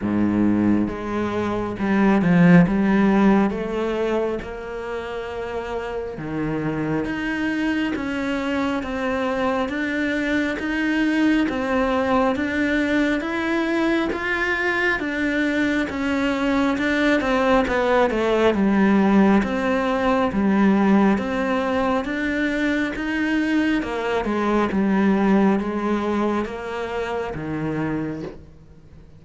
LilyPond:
\new Staff \with { instrumentName = "cello" } { \time 4/4 \tempo 4 = 68 gis,4 gis4 g8 f8 g4 | a4 ais2 dis4 | dis'4 cis'4 c'4 d'4 | dis'4 c'4 d'4 e'4 |
f'4 d'4 cis'4 d'8 c'8 | b8 a8 g4 c'4 g4 | c'4 d'4 dis'4 ais8 gis8 | g4 gis4 ais4 dis4 | }